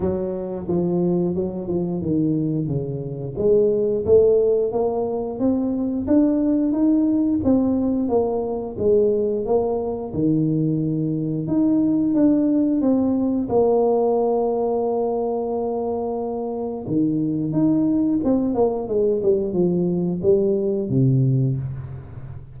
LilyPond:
\new Staff \with { instrumentName = "tuba" } { \time 4/4 \tempo 4 = 89 fis4 f4 fis8 f8 dis4 | cis4 gis4 a4 ais4 | c'4 d'4 dis'4 c'4 | ais4 gis4 ais4 dis4~ |
dis4 dis'4 d'4 c'4 | ais1~ | ais4 dis4 dis'4 c'8 ais8 | gis8 g8 f4 g4 c4 | }